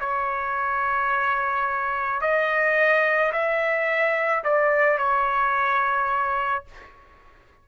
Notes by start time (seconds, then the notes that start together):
0.00 C#5
2.21 D#5
3.33 E5
4.44 D5
4.98 C#5